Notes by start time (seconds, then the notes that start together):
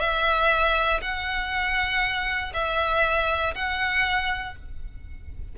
0.00 E5
1.02 F#5
2.54 E5
3.55 F#5